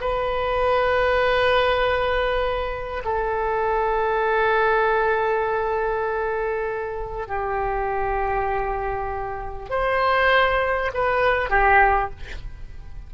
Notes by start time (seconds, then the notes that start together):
0.00 B4
3.04 A4
7.27 G4
9.70 C5
10.93 B4
11.49 G4